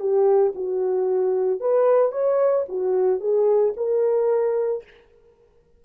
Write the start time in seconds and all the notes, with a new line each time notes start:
0.00 G4
0.55 F#4
1.61 B4
2.12 C#5
2.69 F#4
3.20 G#4
3.77 A#4